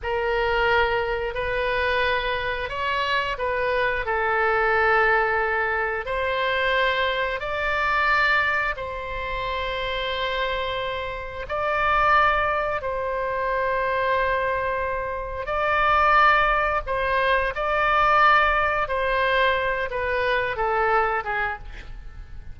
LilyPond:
\new Staff \with { instrumentName = "oboe" } { \time 4/4 \tempo 4 = 89 ais'2 b'2 | cis''4 b'4 a'2~ | a'4 c''2 d''4~ | d''4 c''2.~ |
c''4 d''2 c''4~ | c''2. d''4~ | d''4 c''4 d''2 | c''4. b'4 a'4 gis'8 | }